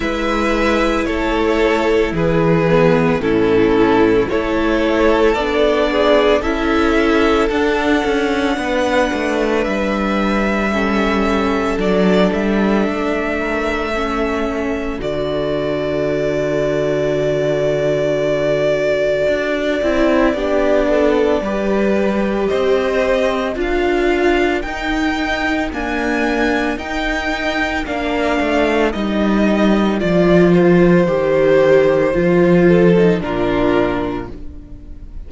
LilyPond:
<<
  \new Staff \with { instrumentName = "violin" } { \time 4/4 \tempo 4 = 56 e''4 cis''4 b'4 a'4 | cis''4 d''4 e''4 fis''4~ | fis''4 e''2 d''8 e''8~ | e''2 d''2~ |
d''1~ | d''4 dis''4 f''4 g''4 | gis''4 g''4 f''4 dis''4 | d''8 c''2~ c''8 ais'4 | }
  \new Staff \with { instrumentName = "violin" } { \time 4/4 b'4 a'4 gis'4 e'4 | a'4. gis'8 a'2 | b'2 a'2~ | a'8 ais'8 a'2.~ |
a'2. g'8 a'8 | b'4 c''4 ais'2~ | ais'1~ | ais'2~ ais'8 a'8 f'4 | }
  \new Staff \with { instrumentName = "viola" } { \time 4/4 e'2~ e'8 b8 cis'4 | e'4 d'4 e'4 d'4~ | d'2 cis'4 d'4~ | d'4 cis'4 fis'2~ |
fis'2~ fis'8 e'8 d'4 | g'2 f'4 dis'4 | ais4 dis'4 d'4 dis'4 | f'4 g'4 f'8. dis'16 d'4 | }
  \new Staff \with { instrumentName = "cello" } { \time 4/4 gis4 a4 e4 a,4 | a4 b4 cis'4 d'8 cis'8 | b8 a8 g2 fis8 g8 | a2 d2~ |
d2 d'8 c'8 b4 | g4 c'4 d'4 dis'4 | d'4 dis'4 ais8 a8 g4 | f4 dis4 f4 ais,4 | }
>>